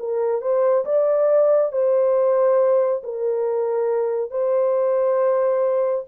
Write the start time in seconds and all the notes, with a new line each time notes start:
0.00 A#4
0.42 C5
0.85 D5
1.72 C5
3.04 A#4
4.31 C5